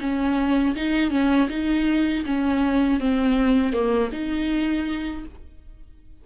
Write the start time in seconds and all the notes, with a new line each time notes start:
0.00 C#4
0.75 D#4
1.10 C#4
1.49 D#4
2.25 C#4
3.00 C4
3.72 A#3
4.11 D#4